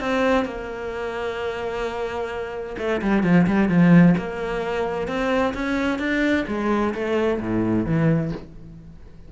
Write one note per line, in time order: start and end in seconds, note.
0.00 0.45 C4
0.45 2.76 A#3
2.78 3.01 A3
3.02 3.23 G3
3.23 3.46 F3
3.47 3.69 G3
3.69 4.15 F3
4.18 5.07 A#3
5.07 5.54 C4
5.54 5.99 C#4
5.99 6.45 D4
6.48 6.94 G#3
6.94 7.41 A3
7.41 7.86 A2
7.86 8.32 E3